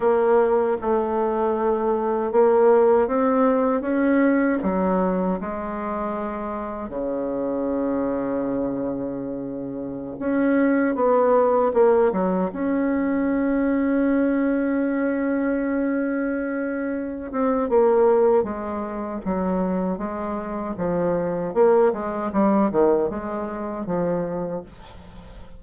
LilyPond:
\new Staff \with { instrumentName = "bassoon" } { \time 4/4 \tempo 4 = 78 ais4 a2 ais4 | c'4 cis'4 fis4 gis4~ | gis4 cis2.~ | cis4~ cis16 cis'4 b4 ais8 fis16~ |
fis16 cis'2.~ cis'8.~ | cis'2~ cis'8 c'8 ais4 | gis4 fis4 gis4 f4 | ais8 gis8 g8 dis8 gis4 f4 | }